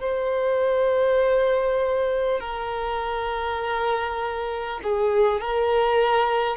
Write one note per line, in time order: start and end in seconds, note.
0.00 2.40 C5
2.40 4.80 A#4
4.83 5.41 G#4
5.41 6.56 A#4